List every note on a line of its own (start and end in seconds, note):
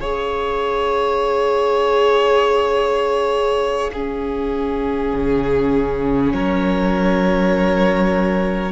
0.00 5.13 C#4
0.00 3.92 G#4
0.00 3.90 C#5
0.00 6.30 F5
3.93 8.71 C#4
3.93 6.33 G#4
5.13 6.33 C#3
6.32 8.71 F#3
6.32 8.71 A#4
6.32 8.71 C#5